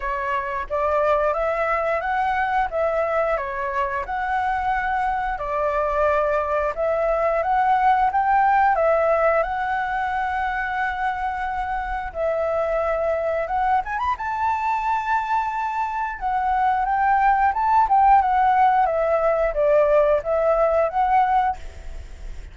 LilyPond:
\new Staff \with { instrumentName = "flute" } { \time 4/4 \tempo 4 = 89 cis''4 d''4 e''4 fis''4 | e''4 cis''4 fis''2 | d''2 e''4 fis''4 | g''4 e''4 fis''2~ |
fis''2 e''2 | fis''8 gis''16 b''16 a''2. | fis''4 g''4 a''8 g''8 fis''4 | e''4 d''4 e''4 fis''4 | }